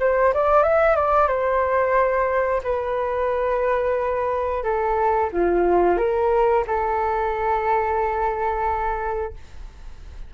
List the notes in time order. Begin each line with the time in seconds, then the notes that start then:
0.00 C5
0.34 D5
0.63 E5
0.96 D5
1.28 C5
2.64 B4
4.64 A4
5.33 F4
5.98 A#4
6.67 A4